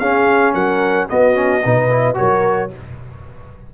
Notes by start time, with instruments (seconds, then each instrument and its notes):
0.00 tuba C#4, trombone C#4, horn G#4, trumpet F5
0.54 tuba F#3, horn A#4, trumpet F#5
1.09 trombone B3, tuba B3, horn F#4, trumpet D#5
1.35 trombone C#4
1.64 tuba B2, trombone D#4, horn B4
1.90 trombone E4
2.15 tuba F#3, trombone F#4, horn A#4, trumpet C#5